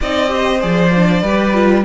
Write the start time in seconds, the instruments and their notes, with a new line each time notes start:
0.00 cello C4, viola D#4, violin D5 D#5
0.28 viola G4, violin C5
0.60 cello F3, viola G#4, violin D5
0.94 viola D4
1.22 cello G3, viola G4, violin B4
1.53 viola F4